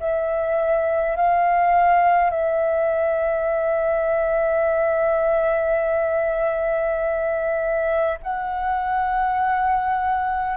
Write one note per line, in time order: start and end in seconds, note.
0.00 1.17 E5
1.17 2.30 F5
2.30 8.19 E5
8.22 10.57 F#5